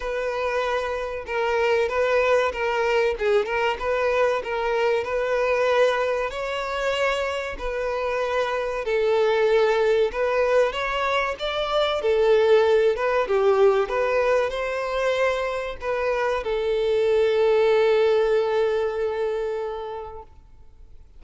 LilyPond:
\new Staff \with { instrumentName = "violin" } { \time 4/4 \tempo 4 = 95 b'2 ais'4 b'4 | ais'4 gis'8 ais'8 b'4 ais'4 | b'2 cis''2 | b'2 a'2 |
b'4 cis''4 d''4 a'4~ | a'8 b'8 g'4 b'4 c''4~ | c''4 b'4 a'2~ | a'1 | }